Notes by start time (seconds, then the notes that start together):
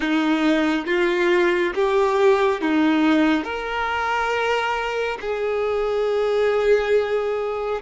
0.00 D#4
0.86 F4
1.74 G4
2.61 D#4
3.43 A#4
5.20 G#4